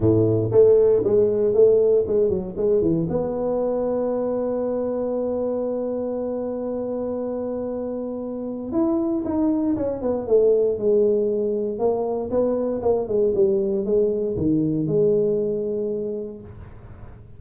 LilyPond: \new Staff \with { instrumentName = "tuba" } { \time 4/4 \tempo 4 = 117 a,4 a4 gis4 a4 | gis8 fis8 gis8 e8 b2~ | b1~ | b1~ |
b4 e'4 dis'4 cis'8 b8 | a4 gis2 ais4 | b4 ais8 gis8 g4 gis4 | dis4 gis2. | }